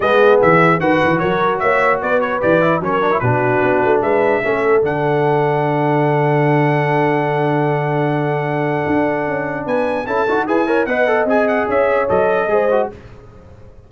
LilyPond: <<
  \new Staff \with { instrumentName = "trumpet" } { \time 4/4 \tempo 4 = 149 dis''4 e''4 fis''4 cis''4 | e''4 d''8 cis''8 d''4 cis''4 | b'2 e''2 | fis''1~ |
fis''1~ | fis''1 | gis''4 a''4 gis''4 fis''4 | gis''8 fis''8 e''4 dis''2 | }
  \new Staff \with { instrumentName = "horn" } { \time 4/4 gis'2 b'4 ais'4 | cis''4 b'2 ais'4 | fis'2 b'4 a'4~ | a'1~ |
a'1~ | a'1 | b'4 a'4 b'8 cis''8 dis''4~ | dis''4 cis''2 c''4 | }
  \new Staff \with { instrumentName = "trombone" } { \time 4/4 b2 fis'2~ | fis'2 g'8 e'8 cis'8 d'16 e'16 | d'2. cis'4 | d'1~ |
d'1~ | d'1~ | d'4 e'8 fis'8 gis'8 ais'8 b'8 a'8 | gis'2 a'4 gis'8 fis'8 | }
  \new Staff \with { instrumentName = "tuba" } { \time 4/4 gis4 e4 dis8 e8 fis4 | ais4 b4 e4 fis4 | b,4 b8 a8 gis4 a4 | d1~ |
d1~ | d2 d'4 cis'4 | b4 cis'8 dis'8 e'4 b4 | c'4 cis'4 fis4 gis4 | }
>>